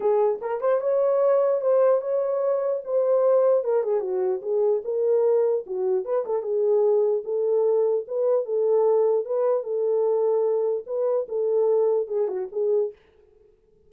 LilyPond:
\new Staff \with { instrumentName = "horn" } { \time 4/4 \tempo 4 = 149 gis'4 ais'8 c''8 cis''2 | c''4 cis''2 c''4~ | c''4 ais'8 gis'8 fis'4 gis'4 | ais'2 fis'4 b'8 a'8 |
gis'2 a'2 | b'4 a'2 b'4 | a'2. b'4 | a'2 gis'8 fis'8 gis'4 | }